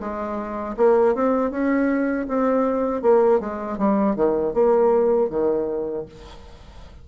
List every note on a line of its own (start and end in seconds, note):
0.00 0.76 G#3
0.77 1.15 A#3
1.15 1.51 C4
1.51 2.27 C#4
2.28 3.02 C4
3.02 3.40 A#3
3.40 3.78 G#3
3.78 4.16 G3
4.16 4.54 D#3
4.54 5.30 A#3
5.30 6.06 D#3